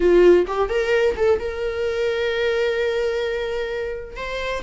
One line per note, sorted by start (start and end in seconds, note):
0.00 0.46 F4
0.47 0.69 G4
0.69 1.15 A#4
1.16 1.39 A4
1.39 4.16 A#4
4.16 4.62 C5